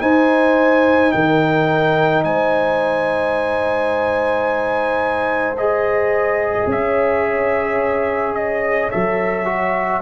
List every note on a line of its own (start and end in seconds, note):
0.00 5.56 D#4
0.00 1.12 D#4
0.00 1.13 C5
0.00 1.12 G#5
1.12 2.24 D#3
1.12 2.25 A#4
1.12 2.23 G5
2.24 6.66 G#3
2.24 6.69 C5
2.24 5.57 G#5
5.57 8.90 G#4
5.57 6.68 D#5
6.66 8.88 C#4
6.66 10.01 C#5
6.66 8.34 E5
8.34 8.90 D#5
8.90 10.01 F#3
8.90 9.45 A4
8.90 10.01 E5
9.45 10.00 F#4